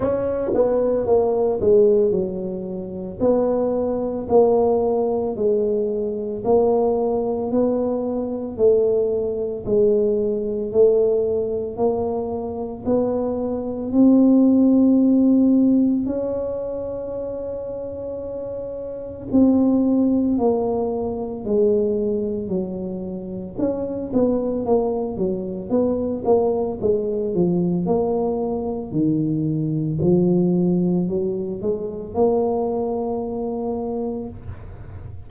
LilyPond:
\new Staff \with { instrumentName = "tuba" } { \time 4/4 \tempo 4 = 56 cis'8 b8 ais8 gis8 fis4 b4 | ais4 gis4 ais4 b4 | a4 gis4 a4 ais4 | b4 c'2 cis'4~ |
cis'2 c'4 ais4 | gis4 fis4 cis'8 b8 ais8 fis8 | b8 ais8 gis8 f8 ais4 dis4 | f4 fis8 gis8 ais2 | }